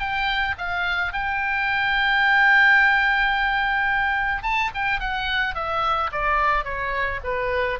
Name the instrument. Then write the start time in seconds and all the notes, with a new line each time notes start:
oboe
0.00 G5
0.58 F5
1.13 G5
4.43 A5
4.75 G5
5.00 F#5
5.55 E5
6.12 D5
6.65 C#5
7.24 B4